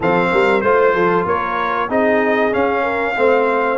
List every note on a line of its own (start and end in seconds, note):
0.00 0.30 F3
0.00 0.63 C4
0.00 0.29 A4
0.00 0.61 F5
0.31 0.62 G3
0.31 0.63 A#4
0.61 0.94 A3
0.61 1.89 F4
0.61 1.24 C5
0.61 0.94 C5
0.94 1.25 F3
0.94 1.26 A4
1.26 1.89 A#3
1.26 1.88 A#4
1.26 1.90 C#5
1.88 2.52 C4
1.88 2.52 D#4
1.88 2.82 G#4
1.88 2.53 D#5
2.52 3.15 C#4
2.52 3.17 C#4
2.52 3.78 F5
2.82 3.14 A#4
3.16 3.78 A3
3.16 3.78 C4
3.16 3.78 C5